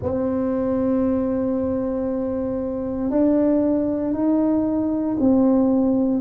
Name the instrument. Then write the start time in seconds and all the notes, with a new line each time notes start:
tuba
0.02 C4
3.10 D4
4.13 D#4
5.20 C4